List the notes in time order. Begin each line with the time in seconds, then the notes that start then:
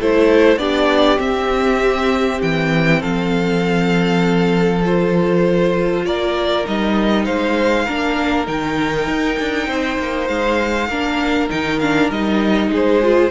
0.00 A3 E4 A4 C5
0.57 B3 D4 G4 D5
1.18 C4 E5
2.42 E3 G5
3.01 F3 A4 F5
4.84 F4 C5
6.06 A#3 A#4 D5
6.65 G3 D#4 D#5
7.25 G#3 C5 F5
7.86 A#3 D4 A#4
8.47 D#3 D#4 G5
9.08 D#4
9.40 D4
9.68 C4 C5
9.99 A#3
10.28 G#3 F5
10.89 A#3 D4 A#4
11.50 D#3 D#4 G5
11.80 D4 F5
12.10 G3 D#4 D#5
12.69 G#3 G#4
12.75 C5
13.03 F4